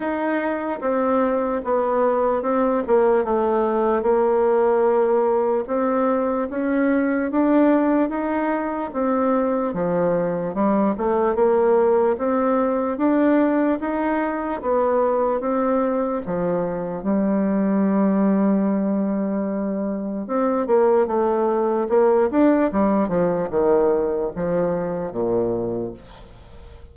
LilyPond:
\new Staff \with { instrumentName = "bassoon" } { \time 4/4 \tempo 4 = 74 dis'4 c'4 b4 c'8 ais8 | a4 ais2 c'4 | cis'4 d'4 dis'4 c'4 | f4 g8 a8 ais4 c'4 |
d'4 dis'4 b4 c'4 | f4 g2.~ | g4 c'8 ais8 a4 ais8 d'8 | g8 f8 dis4 f4 ais,4 | }